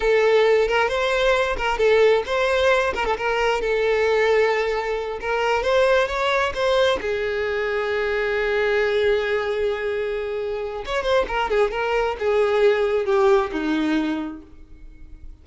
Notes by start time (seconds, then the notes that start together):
0.00 A4
0.68 A#4
0.88 C5
1.56 A#4
1.78 A4
2.26 C5
2.94 A#4
3.05 A4
3.17 A#4
3.61 A4
5.20 A#4
5.62 C5
6.07 C#5
6.54 C5
7.01 G#4
10.85 C#5
11.03 C5
11.27 A#4
11.49 G#4
11.71 A#4
12.19 G#4
13.05 G4
13.52 D#4